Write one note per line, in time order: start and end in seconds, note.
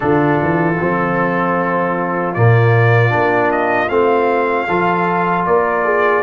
0.00 0.40 D3
0.00 0.74 D4
0.00 4.68 F4
0.00 2.34 A4
0.41 0.80 E3
0.80 2.36 F3
0.80 2.35 C4
2.34 3.14 A#2
2.34 3.09 A#3
2.34 3.50 D5
3.09 3.89 A#3
3.09 3.87 D4
3.51 3.88 D#5
3.88 4.67 A3
3.88 4.67 C4
3.88 5.44 F5
4.68 5.46 F3
4.68 6.23 F4
4.68 5.46 A4
5.46 6.23 A#3
5.46 5.84 A#4
5.46 6.23 D5
5.84 6.23 G#4